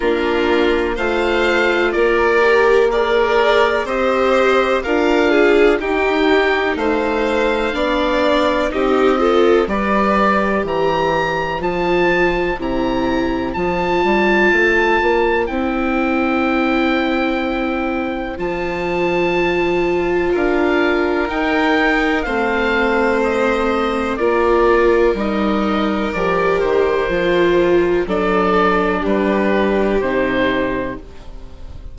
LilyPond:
<<
  \new Staff \with { instrumentName = "oboe" } { \time 4/4 \tempo 4 = 62 ais'4 f''4 d''4 ais'4 | dis''4 f''4 g''4 f''4~ | f''4 dis''4 d''4 ais''4 | a''4 ais''4 a''2 |
g''2. a''4~ | a''4 f''4 g''4 f''4 | dis''4 d''4 dis''4 d''8 c''8~ | c''4 d''4 b'4 c''4 | }
  \new Staff \with { instrumentName = "violin" } { \time 4/4 f'4 c''4 ais'4 d''4 | c''4 ais'8 gis'8 g'4 c''4 | d''4 g'8 a'8 b'4 c''4~ | c''1~ |
c''1~ | c''4 ais'2 c''4~ | c''4 ais'2.~ | ais'4 a'4 g'2 | }
  \new Staff \with { instrumentName = "viola" } { \time 4/4 d'4 f'4. g'8 gis'4 | g'4 f'4 dis'2 | d'4 dis'8 f'8 g'2 | f'4 e'4 f'2 |
e'2. f'4~ | f'2 dis'4 c'4~ | c'4 f'4 dis'4 g'4 | f'4 d'2 dis'4 | }
  \new Staff \with { instrumentName = "bassoon" } { \time 4/4 ais4 a4 ais2 | c'4 d'4 dis'4 a4 | b4 c'4 g4 e4 | f4 c4 f8 g8 a8 ais8 |
c'2. f4~ | f4 d'4 dis'4 a4~ | a4 ais4 g4 f8 dis8 | f4 fis4 g4 c4 | }
>>